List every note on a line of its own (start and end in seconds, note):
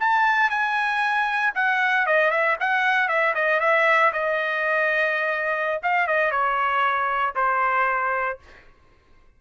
0.00 0.50 A5
0.50 1.53 G#5
1.55 2.07 F#5
2.07 2.31 D#5
2.31 2.57 E5
2.60 3.08 F#5
3.08 3.34 E5
3.35 3.60 D#5
3.60 4.12 E5
4.13 5.81 D#5
5.83 6.07 F5
6.07 6.31 D#5
6.31 7.35 C#5
7.35 8.39 C5